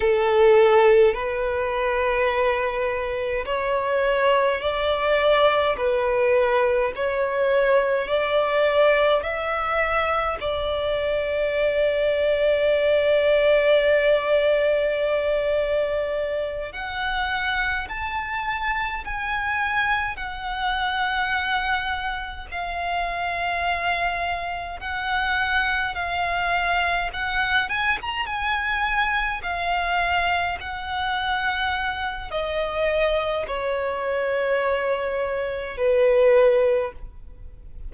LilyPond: \new Staff \with { instrumentName = "violin" } { \time 4/4 \tempo 4 = 52 a'4 b'2 cis''4 | d''4 b'4 cis''4 d''4 | e''4 d''2.~ | d''2~ d''8 fis''4 a''8~ |
a''8 gis''4 fis''2 f''8~ | f''4. fis''4 f''4 fis''8 | gis''16 ais''16 gis''4 f''4 fis''4. | dis''4 cis''2 b'4 | }